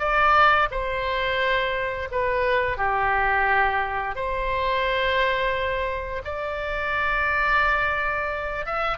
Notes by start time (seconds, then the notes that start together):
0.00 D5
0.71 C5
2.12 B4
2.78 G4
4.16 C5
6.25 D5
8.66 E5